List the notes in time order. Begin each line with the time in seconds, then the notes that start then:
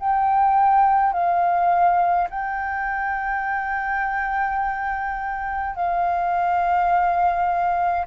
0.00 G5
1.13 F5
2.30 G5
5.76 F5